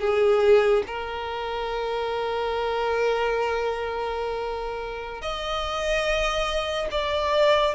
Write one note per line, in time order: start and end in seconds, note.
0.00 0.83 G#4
0.87 5.22 A#4
5.22 6.88 D#5
6.91 7.75 D5